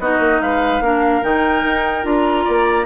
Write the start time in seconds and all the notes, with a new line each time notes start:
0.00 B3 D#4 F#4 D#5
0.19 A#3
0.42 G#3 B4 F5
0.81 A#3 D4 A#4
1.22 D#3 D#4 G5
1.65 D#4
2.03 D4 F4 A#5
2.45 A#3 D5